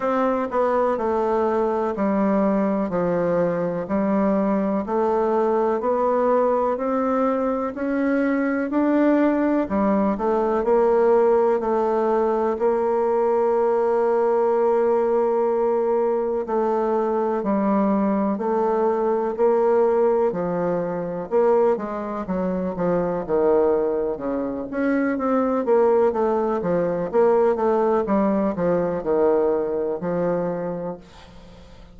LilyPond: \new Staff \with { instrumentName = "bassoon" } { \time 4/4 \tempo 4 = 62 c'8 b8 a4 g4 f4 | g4 a4 b4 c'4 | cis'4 d'4 g8 a8 ais4 | a4 ais2.~ |
ais4 a4 g4 a4 | ais4 f4 ais8 gis8 fis8 f8 | dis4 cis8 cis'8 c'8 ais8 a8 f8 | ais8 a8 g8 f8 dis4 f4 | }